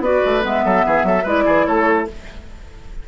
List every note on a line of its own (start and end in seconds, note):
0.00 0.20 B3
0.00 0.41 F#4
0.00 0.65 B4
0.00 0.44 D5
0.25 0.44 A3
0.41 0.65 G#3
0.41 1.23 B3
0.41 1.28 E5
0.65 0.85 F#3
0.65 0.86 A4
0.86 1.03 E3
0.86 1.06 G#4
1.03 1.24 F#3
1.03 1.23 A4
1.23 1.45 G#3
1.23 2.08 E4
1.23 1.44 B4
1.23 1.66 D5
1.46 1.67 E3
1.46 1.66 G#4
1.66 2.08 A3
1.66 2.08 A4
1.66 2.07 C#5